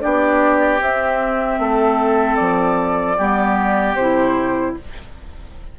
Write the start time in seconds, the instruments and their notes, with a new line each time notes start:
0.00 bassoon B3, clarinet D4, oboe G4, flute D5
0.79 clarinet C4, bassoon C4, flute E5
1.59 bassoon A3, oboe A4
2.36 bassoon F3, flute D5
3.18 bassoon G3, clarinet B3, oboe G4
3.95 bassoon C3, clarinet E4, flute C5